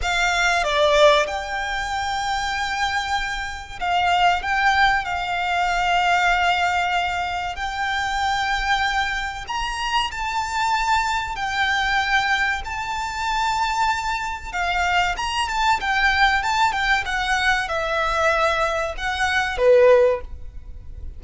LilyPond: \new Staff \with { instrumentName = "violin" } { \time 4/4 \tempo 4 = 95 f''4 d''4 g''2~ | g''2 f''4 g''4 | f''1 | g''2. ais''4 |
a''2 g''2 | a''2. f''4 | ais''8 a''8 g''4 a''8 g''8 fis''4 | e''2 fis''4 b'4 | }